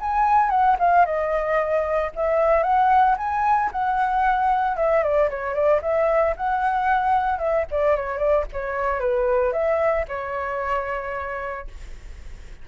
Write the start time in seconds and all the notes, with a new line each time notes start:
0.00 G#5
0.50 F#5
0.79 F5
1.05 D#5
2.15 E5
2.63 F#5
3.17 G#5
3.72 F#5
4.76 E5
5.03 D5
5.30 C#5
5.54 D5
5.82 E5
6.37 F#5
7.39 E5
7.71 D5
7.96 C#5
8.18 D5
8.52 C#5
9.00 B4
9.52 E5
10.08 C#5